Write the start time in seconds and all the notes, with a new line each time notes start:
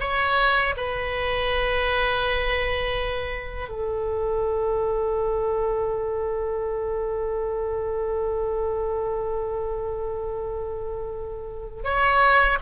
0.00 C#5
0.77 B4
3.69 A4
11.84 C#5